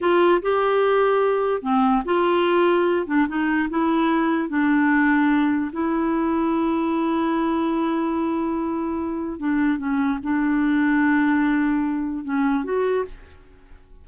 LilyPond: \new Staff \with { instrumentName = "clarinet" } { \time 4/4 \tempo 4 = 147 f'4 g'2. | c'4 f'2~ f'8 d'8 | dis'4 e'2 d'4~ | d'2 e'2~ |
e'1~ | e'2. d'4 | cis'4 d'2.~ | d'2 cis'4 fis'4 | }